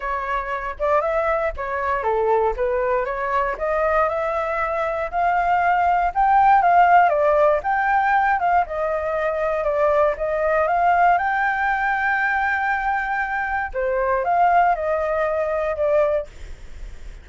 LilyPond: \new Staff \with { instrumentName = "flute" } { \time 4/4 \tempo 4 = 118 cis''4. d''8 e''4 cis''4 | a'4 b'4 cis''4 dis''4 | e''2 f''2 | g''4 f''4 d''4 g''4~ |
g''8 f''8 dis''2 d''4 | dis''4 f''4 g''2~ | g''2. c''4 | f''4 dis''2 d''4 | }